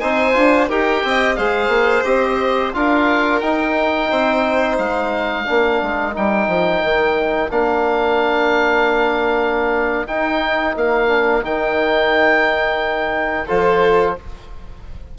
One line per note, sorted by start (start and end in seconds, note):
0.00 0.36 C4
0.00 0.34 D#4
0.00 0.69 C5
0.00 0.68 G#5
0.34 0.70 D4
0.34 0.68 F4
0.69 1.04 D#4
0.69 1.37 G4
0.69 1.03 A#4
0.69 1.36 G5
1.04 1.38 C4
1.04 1.38 D#5
1.36 1.68 G#3
1.36 2.04 G#4
1.36 2.74 C5
1.36 2.04 F5
1.68 2.02 A#3
2.04 2.74 C4
2.04 2.72 G4
2.04 2.73 D#5
2.74 3.42 D4
2.74 3.42 F4
2.74 4.11 A#4
2.74 3.40 F5
3.40 5.46 D#4
3.40 4.11 D#4
3.40 4.77 G5
4.11 4.79 C4
4.11 5.46 C5
4.78 5.47 G#3
4.78 6.15 F5
5.46 5.82 A#3
5.46 6.14 D4
5.46 13.47 A#4
5.82 6.16 G#3
6.14 6.48 G3
6.14 7.50 D#4
6.14 7.52 G5
6.48 6.82 F3
6.84 7.51 D#3
7.51 10.07 A#3
7.51 10.07 D4
7.51 10.07 F5
10.07 11.08 D#4
10.07 10.76 D#4
10.07 10.76 G5
10.76 11.44 A#3
10.76 11.45 F5
11.08 11.42 D4
11.42 13.49 D#3
11.42 13.47 D#4
11.42 13.49 G5
13.47 14.18 F3
13.47 14.17 F4
13.47 14.15 A4
13.47 14.17 C5